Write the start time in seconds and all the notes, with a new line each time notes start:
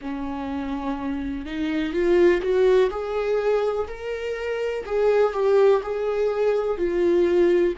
0.00 C#4
1.45 D#4
1.92 F4
2.41 F#4
2.90 G#4
3.87 A#4
4.85 G#4
5.33 G4
5.82 G#4
6.77 F4